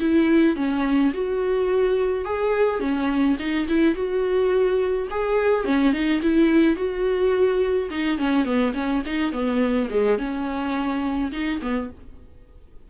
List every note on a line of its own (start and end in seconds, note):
0.00 0.56 E4
0.56 1.13 C#4
1.13 2.25 F#4
2.25 2.80 G#4
2.80 3.37 C#4
3.39 3.67 D#4
3.68 3.95 E4
3.95 5.08 F#4
5.10 5.64 G#4
5.64 5.93 C#4
5.93 6.21 D#4
6.22 6.76 E4
6.76 7.89 F#4
7.90 8.18 D#4
8.18 8.45 C#4
8.45 8.73 B3
8.74 9.02 C#4
9.06 9.32 D#4
9.32 9.89 B3
9.90 10.18 G#3
10.18 11.32 C#4
11.32 11.60 D#4
11.61 11.90 B3